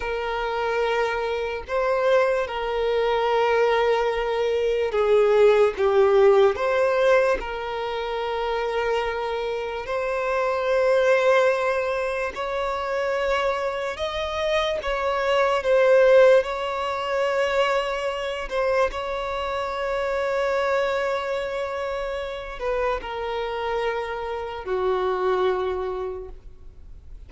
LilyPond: \new Staff \with { instrumentName = "violin" } { \time 4/4 \tempo 4 = 73 ais'2 c''4 ais'4~ | ais'2 gis'4 g'4 | c''4 ais'2. | c''2. cis''4~ |
cis''4 dis''4 cis''4 c''4 | cis''2~ cis''8 c''8 cis''4~ | cis''2.~ cis''8 b'8 | ais'2 fis'2 | }